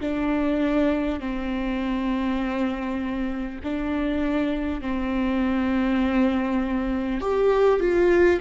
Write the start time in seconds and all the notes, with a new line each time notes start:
0.00 D4
1.19 C4
3.63 D4
4.81 C4
7.20 G4
7.80 F4